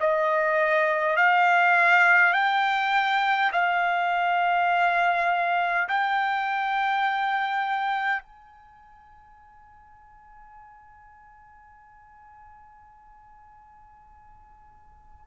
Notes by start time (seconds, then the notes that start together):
0.00 D#5
1.16 F5
2.33 G5
3.52 F5
5.88 G5
8.22 G#5